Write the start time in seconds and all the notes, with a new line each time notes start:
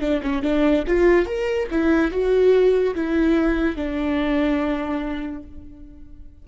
0.00 D4
0.22 C#4
0.42 D4
0.87 F4
1.26 A#4
1.70 E4
2.11 F#4
2.95 E4
3.76 D4